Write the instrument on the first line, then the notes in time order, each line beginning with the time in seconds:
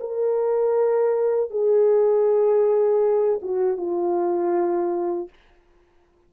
horn
0.00 A#4
1.50 G#4
3.42 F#4
3.77 F4